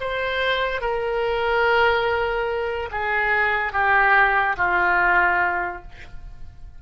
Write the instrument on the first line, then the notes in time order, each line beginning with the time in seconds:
oboe
0.00 C5
0.81 A#4
2.91 G#4
3.72 G4
4.57 F4